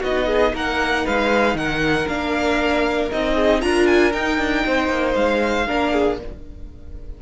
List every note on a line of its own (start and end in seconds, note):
0.00 0.53 B3
0.00 2.07 D#4
0.00 0.26 F#4
0.00 0.54 D#5
0.26 0.52 G#4
0.53 1.04 A#3
0.53 1.05 A#4
0.53 1.06 F#5
1.05 1.54 G#3
1.05 1.56 B4
1.05 1.57 F5
1.54 2.05 D#3
1.54 3.34 A#4
1.54 2.07 F#5
2.07 3.10 A#3
2.07 3.10 D4
2.07 3.10 F5
3.11 3.62 C4
3.11 3.61 D#4
3.11 3.61 D#5
3.34 3.59 G#4
3.61 4.13 D4
3.61 4.12 F4
3.61 4.65 A#4
3.61 3.86 A#5
3.86 4.12 G#5
4.12 5.67 D#4
4.12 4.38 D#4
4.12 5.14 G5
4.38 4.64 D4
4.65 4.89 C4
4.65 5.67 C5
4.89 5.14 A#3
5.15 5.67 G#3
5.15 6.18 F5
5.67 6.21 A#3
5.67 6.18 D4
5.67 5.92 A#4
5.92 6.18 G#4